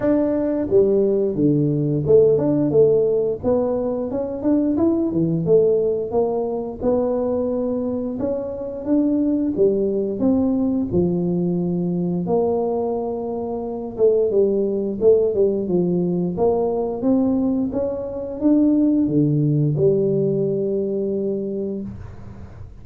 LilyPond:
\new Staff \with { instrumentName = "tuba" } { \time 4/4 \tempo 4 = 88 d'4 g4 d4 a8 d'8 | a4 b4 cis'8 d'8 e'8 e8 | a4 ais4 b2 | cis'4 d'4 g4 c'4 |
f2 ais2~ | ais8 a8 g4 a8 g8 f4 | ais4 c'4 cis'4 d'4 | d4 g2. | }